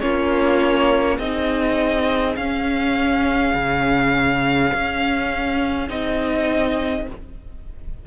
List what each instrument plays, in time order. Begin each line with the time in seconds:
0.00 cello A#3, viola C#4, violin F4 C#5
1.17 cello C4, viola D#4, violin G#4 D#5
2.36 cello C#4, viola C#4, violin F5
3.54 cello C#3
4.73 cello C#4
5.88 cello C4, viola D#4, violin D#5